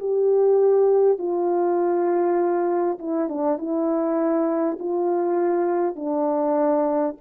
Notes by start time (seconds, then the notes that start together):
0.00 G4
1.19 F4
2.99 E4
3.29 D4
3.58 E4
4.79 F4
5.96 D4